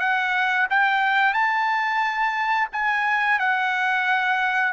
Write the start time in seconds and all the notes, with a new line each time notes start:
0.00 F#5
0.70 G5
1.34 A5
2.73 G#5
3.40 F#5